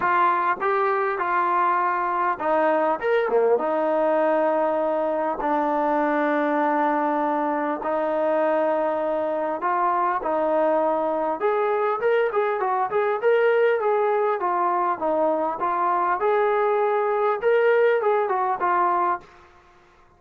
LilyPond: \new Staff \with { instrumentName = "trombone" } { \time 4/4 \tempo 4 = 100 f'4 g'4 f'2 | dis'4 ais'8 ais8 dis'2~ | dis'4 d'2.~ | d'4 dis'2. |
f'4 dis'2 gis'4 | ais'8 gis'8 fis'8 gis'8 ais'4 gis'4 | f'4 dis'4 f'4 gis'4~ | gis'4 ais'4 gis'8 fis'8 f'4 | }